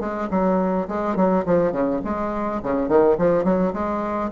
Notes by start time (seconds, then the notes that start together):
0.00 G#3
0.31 F#3
0.88 G#3
1.16 F#3
1.46 F3
1.72 C#3
2.04 G#3
2.63 C#3
2.89 D#3
3.18 F3
3.44 F#3
3.74 G#3